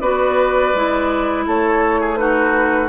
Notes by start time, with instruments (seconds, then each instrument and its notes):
0.00 bassoon B3, clarinet F#4, oboe B4, flute D5
0.75 bassoon G#3, clarinet E4
1.47 bassoon A3, oboe A4, flute C#5
2.00 oboe G#4
2.17 clarinet D#4, oboe F#4, flute B4